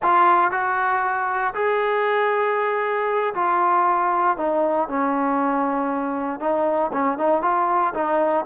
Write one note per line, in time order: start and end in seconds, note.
0.02 0.51 F4
0.51 1.54 F#4
1.54 3.33 G#4
3.34 4.37 F4
4.37 4.88 D#4
4.88 6.40 C#4
6.40 6.91 D#4
6.93 7.17 C#4
7.17 7.42 D#4
7.42 7.93 F4
7.93 8.45 D#4